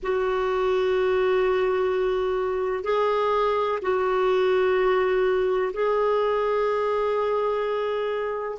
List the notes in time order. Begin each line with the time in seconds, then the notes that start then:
0.03 F#4
2.83 G#4
3.81 F#4
5.73 G#4